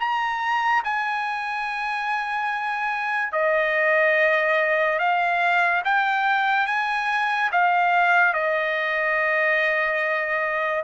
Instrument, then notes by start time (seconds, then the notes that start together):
trumpet
0.00 A#5
0.84 G#5
3.33 D#5
4.99 F5
5.85 G5
6.67 G#5
7.52 F5
8.34 D#5